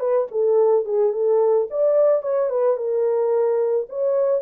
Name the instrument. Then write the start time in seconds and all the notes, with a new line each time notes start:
horn
0.00 B4
0.31 A4
0.85 G#4
1.13 A4
1.71 D5
2.22 C#5
2.50 B4
2.77 A#4
3.89 C#5